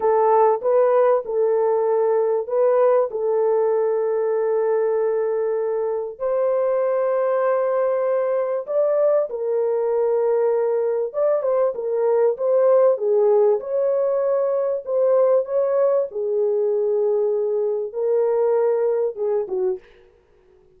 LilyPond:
\new Staff \with { instrumentName = "horn" } { \time 4/4 \tempo 4 = 97 a'4 b'4 a'2 | b'4 a'2.~ | a'2 c''2~ | c''2 d''4 ais'4~ |
ais'2 d''8 c''8 ais'4 | c''4 gis'4 cis''2 | c''4 cis''4 gis'2~ | gis'4 ais'2 gis'8 fis'8 | }